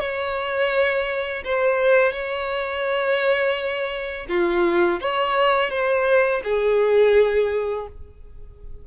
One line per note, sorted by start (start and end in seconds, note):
0.00 1.43 C#5
1.44 2.12 C5
2.12 4.27 C#5
4.29 5.00 F4
5.01 5.70 C#5
5.70 6.42 C5
6.44 7.87 G#4